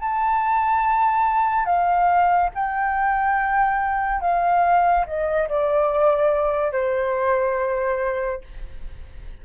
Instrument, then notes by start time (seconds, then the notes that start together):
flute
0.00 A5
1.65 F5
2.54 G5
4.21 F5
5.06 D#5
5.49 D5
6.72 C5